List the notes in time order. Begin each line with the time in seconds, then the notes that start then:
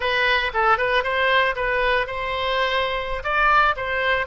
0.00 B4
0.53 A4
0.77 B4
1.03 C5
1.55 B4
2.06 C5
3.23 D5
3.76 C5